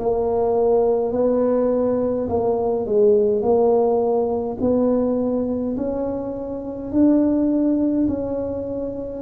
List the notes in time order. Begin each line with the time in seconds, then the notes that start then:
0.00 A#3
1.12 B3
2.29 A#3
2.86 G#3
3.42 A#3
4.60 B3
5.77 C#4
6.92 D4
8.08 C#4